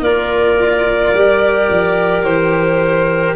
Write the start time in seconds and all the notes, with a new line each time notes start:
0.00 A#3 F4 A#4 D5
1.13 G3 G4
1.70 F3
2.23 E3 C5